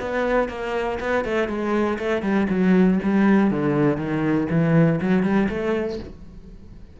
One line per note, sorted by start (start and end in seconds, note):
0.00 0.48 B3
0.48 0.98 A#3
0.99 1.24 B3
1.24 1.48 A3
1.48 1.98 G#3
1.98 2.22 A3
2.22 2.47 G3
2.49 2.99 F#3
3.02 3.50 G3
3.50 3.97 D3
3.97 4.47 D#3
4.50 5.00 E3
5.01 5.23 F#3
5.23 5.48 G3
5.49 5.99 A3